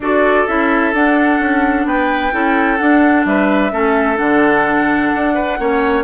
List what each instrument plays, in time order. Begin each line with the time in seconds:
0.00 bassoon D4, clarinet F#4, oboe A4, flute D5
0.47 bassoon C#4, clarinet E4, flute E5
0.93 clarinet D4, bassoon D4, flute F#5
1.39 bassoon C#4
1.85 bassoon B3, oboe B4, flute G5
2.32 bassoon C#4, clarinet E4, oboe A4
2.77 clarinet D4, bassoon D4, flute F#5
3.25 bassoon G3, oboe B4, flute E5
3.72 bassoon A3, clarinet C#4, oboe A4
4.16 bassoon D3, clarinet D4, flute F#5
5.15 bassoon D4
5.34 oboe B4
5.59 bassoon A#3, clarinet C#4, oboe C#5